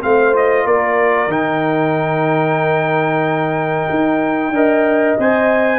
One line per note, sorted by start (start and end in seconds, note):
0.00 0.65 A3
0.00 0.32 C4
0.00 0.65 C5
0.00 0.35 F5
0.32 1.29 F4
0.32 0.66 D#5
0.65 1.27 A#3
0.65 4.52 A#4
0.65 1.31 D5
1.27 3.85 D#3
1.27 4.53 D#4
1.27 5.18 G5
3.89 4.50 D#4
4.50 5.15 D4
4.50 5.18 A#4
4.50 5.78 D#5
5.18 5.78 C4
5.18 5.78 C5
5.18 5.78 G#5